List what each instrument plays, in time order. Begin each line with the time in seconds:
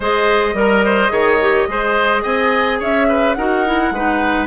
0.00 bassoon G#3, clarinet G#4, oboe C5, flute D#5
0.53 bassoon G3, clarinet A#4, oboe A#4
0.84 oboe C5
1.09 bassoon D#3, clarinet G#4, oboe C#5
1.41 clarinet G4
1.67 bassoon G#3, clarinet G#4, oboe C5
2.22 bassoon C4, oboe D#5, flute G#5
2.79 bassoon C#4, oboe C#5, flute E5
3.08 oboe B4
3.33 bassoon D#4, clarinet F#4, oboe A#4, flute F#5
3.65 clarinet E4
3.91 bassoon G#3, clarinet D#4, oboe B4